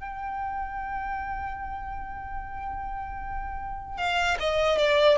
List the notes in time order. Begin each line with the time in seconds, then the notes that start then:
0.00 G5
3.98 F5
4.40 D#5
4.78 D5